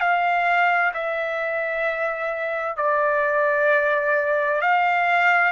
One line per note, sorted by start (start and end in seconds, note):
0.00 0.92 F5
0.94 2.77 E5
2.77 4.61 D5
4.62 5.52 F5